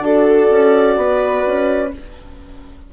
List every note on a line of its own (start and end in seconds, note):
0.00 0.47 D4
0.00 1.90 F#4
0.00 0.98 A4
0.00 1.91 D5
0.51 0.97 C#4
0.97 1.44 B3
0.97 1.93 B4
1.46 1.93 C#4